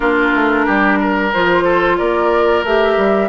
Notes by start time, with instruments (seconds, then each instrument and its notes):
0.00 bassoon A#3, clarinet D4, oboe F4, flute A#4
0.34 bassoon A3
0.65 bassoon G3, oboe G4
0.99 oboe A#4
1.32 bassoon F3, clarinet F4, flute C5
1.63 oboe A4
1.98 bassoon A#3, oboe A#4, flute D5
2.63 bassoon A3, clarinet G4, flute E5
2.97 bassoon G3